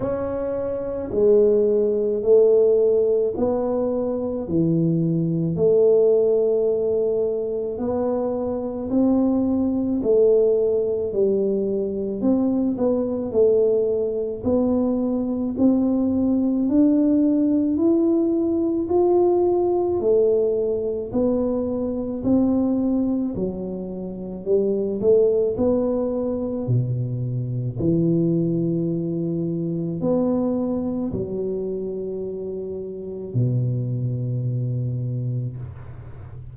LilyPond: \new Staff \with { instrumentName = "tuba" } { \time 4/4 \tempo 4 = 54 cis'4 gis4 a4 b4 | e4 a2 b4 | c'4 a4 g4 c'8 b8 | a4 b4 c'4 d'4 |
e'4 f'4 a4 b4 | c'4 fis4 g8 a8 b4 | b,4 e2 b4 | fis2 b,2 | }